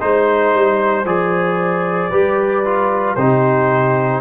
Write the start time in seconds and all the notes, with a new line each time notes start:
0.00 G#3 D#4 C5
0.55 G3
1.05 F3 G#4 D5
2.11 G3 G4 B4
2.65 F4
3.16 C3 D#4 G4 C5